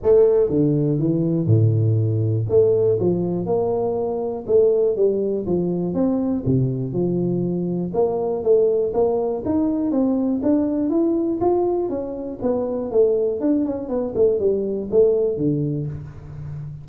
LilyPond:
\new Staff \with { instrumentName = "tuba" } { \time 4/4 \tempo 4 = 121 a4 d4 e4 a,4~ | a,4 a4 f4 ais4~ | ais4 a4 g4 f4 | c'4 c4 f2 |
ais4 a4 ais4 dis'4 | c'4 d'4 e'4 f'4 | cis'4 b4 a4 d'8 cis'8 | b8 a8 g4 a4 d4 | }